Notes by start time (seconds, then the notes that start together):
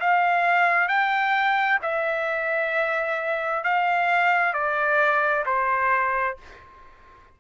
0.00 F5
0.88 G5
1.82 E5
3.64 F5
4.53 D5
5.46 C5